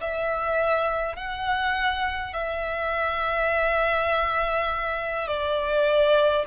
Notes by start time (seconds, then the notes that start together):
0.00 E5
1.16 F#5
2.33 E5
5.27 D5